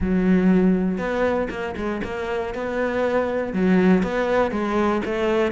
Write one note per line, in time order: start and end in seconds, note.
0.00 0.98 F#3
0.98 1.48 B3
1.50 1.75 A#3
1.76 2.01 G#3
2.04 2.54 A#3
2.54 3.53 B3
3.53 4.02 F#3
4.02 4.51 B3
4.51 5.01 G#3
5.05 5.52 A3